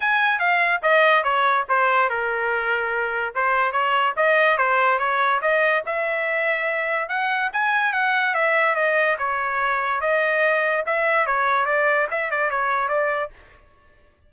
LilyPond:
\new Staff \with { instrumentName = "trumpet" } { \time 4/4 \tempo 4 = 144 gis''4 f''4 dis''4 cis''4 | c''4 ais'2. | c''4 cis''4 dis''4 c''4 | cis''4 dis''4 e''2~ |
e''4 fis''4 gis''4 fis''4 | e''4 dis''4 cis''2 | dis''2 e''4 cis''4 | d''4 e''8 d''8 cis''4 d''4 | }